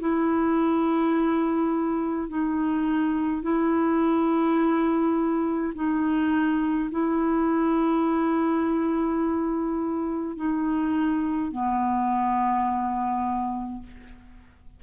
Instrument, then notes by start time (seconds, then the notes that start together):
clarinet
0.00 E4
2.29 D#4
3.43 E4
5.75 D#4
6.91 E4
10.37 D#4
11.52 B3